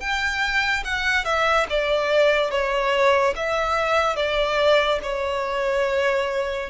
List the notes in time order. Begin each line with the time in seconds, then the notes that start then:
0.00 G5
0.84 F#5
1.24 E5
1.69 D5
2.51 C#5
3.36 E5
4.16 D5
5.03 C#5